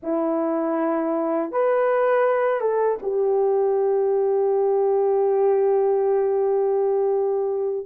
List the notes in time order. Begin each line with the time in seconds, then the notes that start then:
0.02 E4
1.51 B4
2.60 A4
3.02 G4